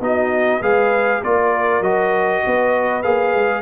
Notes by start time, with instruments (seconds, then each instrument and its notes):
0.00 tuba B3, trombone D#4, horn F#4, trumpet D#5
0.60 tuba G#3, trombone G#4, horn B4, trumpet F5
1.23 tuba A#3, trombone F4, horn A#4, trumpet D5
1.81 tuba F#3, trombone F#4, trumpet D#5
2.45 tuba B3, horn B4
3.02 tuba A#3, trombone G#4, trumpet F5
3.34 tuba G#3